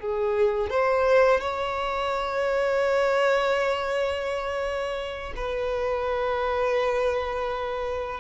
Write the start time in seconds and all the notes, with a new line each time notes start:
0.00 G#4
0.70 C5
1.40 C#5
5.36 B4